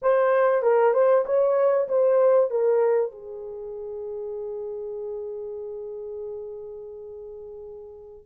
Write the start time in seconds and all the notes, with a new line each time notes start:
0.02 C5
0.62 A#4
0.93 C5
1.25 C#5
1.88 C5
2.50 A#4
3.11 G#4